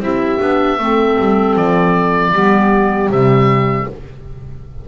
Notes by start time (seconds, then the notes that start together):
0.00 C4 E4 G4 E5
0.39 B3 D4
0.79 A3 C4 A4
1.19 G3
1.55 F3 D5
2.33 G3 B3 G4
3.09 C3 G3 E5